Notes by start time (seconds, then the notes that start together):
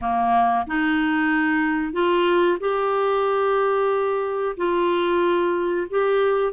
0.01 A#3
0.67 D#4
1.92 F4
2.60 G4
4.57 F4
5.89 G4